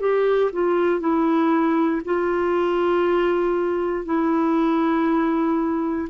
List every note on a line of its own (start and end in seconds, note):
0.00 0.51 G4
0.53 1.00 F4
1.00 2.02 E4
2.05 4.05 F4
4.05 6.09 E4